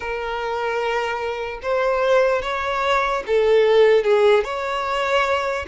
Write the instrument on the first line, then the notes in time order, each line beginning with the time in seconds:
violin
0.00 A#4
1.62 C5
2.41 C#5
3.27 A4
4.04 G#4
4.44 C#5